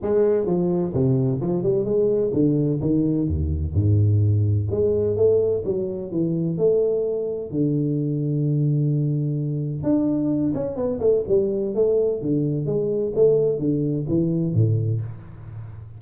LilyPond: \new Staff \with { instrumentName = "tuba" } { \time 4/4 \tempo 4 = 128 gis4 f4 c4 f8 g8 | gis4 d4 dis4 dis,4 | gis,2 gis4 a4 | fis4 e4 a2 |
d1~ | d4 d'4. cis'8 b8 a8 | g4 a4 d4 gis4 | a4 d4 e4 a,4 | }